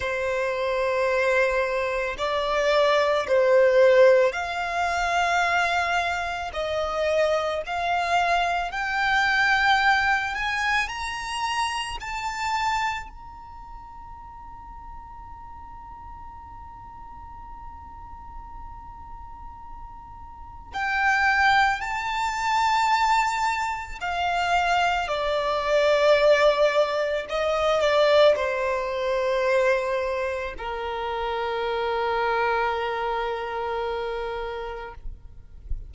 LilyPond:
\new Staff \with { instrumentName = "violin" } { \time 4/4 \tempo 4 = 55 c''2 d''4 c''4 | f''2 dis''4 f''4 | g''4. gis''8 ais''4 a''4 | ais''1~ |
ais''2. g''4 | a''2 f''4 d''4~ | d''4 dis''8 d''8 c''2 | ais'1 | }